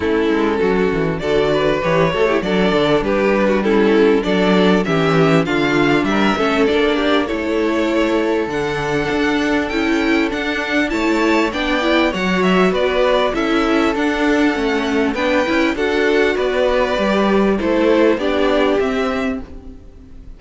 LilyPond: <<
  \new Staff \with { instrumentName = "violin" } { \time 4/4 \tempo 4 = 99 a'2 d''4 cis''4 | d''4 b'4 a'4 d''4 | e''4 f''4 e''4 d''4 | cis''2 fis''2 |
g''4 fis''4 a''4 g''4 | fis''8 e''8 d''4 e''4 fis''4~ | fis''4 g''4 fis''4 d''4~ | d''4 c''4 d''4 e''4 | }
  \new Staff \with { instrumentName = "violin" } { \time 4/4 e'4 fis'4 a'8 b'4 a'16 g'16 | a'4 g'8. fis'16 e'4 a'4 | g'4 f'4 ais'8 a'4 g'8 | a'1~ |
a'2 cis''4 d''4 | cis''4 b'4 a'2~ | a'4 b'4 a'4 b'4~ | b'4 a'4 g'2 | }
  \new Staff \with { instrumentName = "viola" } { \time 4/4 cis'2 fis'4 g'8 fis'16 e'16 | d'2 cis'4 d'4 | cis'4 d'4. cis'8 d'4 | e'2 d'2 |
e'4 d'4 e'4 d'8 e'8 | fis'2 e'4 d'4 | cis'4 d'8 e'8 fis'2 | g'4 e'4 d'4 c'4 | }
  \new Staff \with { instrumentName = "cello" } { \time 4/4 a8 gis8 fis8 e8 d4 e8 a8 | fis8 d8 g2 fis4 | e4 d4 g8 a8 ais4 | a2 d4 d'4 |
cis'4 d'4 a4 b4 | fis4 b4 cis'4 d'4 | a4 b8 cis'8 d'4 b4 | g4 a4 b4 c'4 | }
>>